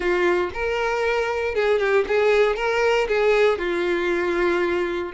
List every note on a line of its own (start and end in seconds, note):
0.00 0.50 F4
0.53 1.54 A#4
1.54 1.79 G#4
1.79 2.05 G4
2.07 2.56 G#4
2.56 3.07 A#4
3.08 3.58 G#4
3.58 5.12 F4